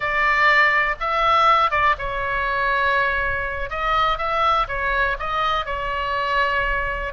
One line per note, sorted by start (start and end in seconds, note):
0.00 0.95 D5
1.00 1.70 E5
1.70 1.95 D5
1.98 3.70 C#5
3.70 4.18 D#5
4.18 4.67 E5
4.68 5.17 C#5
5.19 5.65 D#5
5.65 7.13 C#5